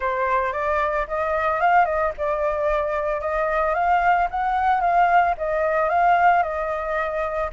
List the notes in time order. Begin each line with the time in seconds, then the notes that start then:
0.00 C5
0.52 D5
1.07 D#5
1.60 F5
1.85 D#5
2.17 D5
3.20 D#5
3.74 F5
4.30 F#5
4.80 F5
5.37 D#5
5.89 F5
6.42 D#5